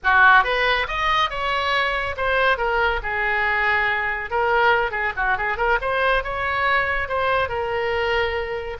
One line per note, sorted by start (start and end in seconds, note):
0.03 0.43 F#4
0.43 0.86 B4
0.87 1.30 D#5
1.30 2.15 C#5
2.16 2.57 C5
2.57 3.00 A#4
3.02 4.30 G#4
4.30 4.91 A#4
4.91 5.12 G#4
5.16 5.37 F#4
5.37 5.57 G#4
5.57 5.78 A#4
5.81 6.23 C5
6.23 7.08 C#5
7.08 7.48 C5
7.48 8.77 A#4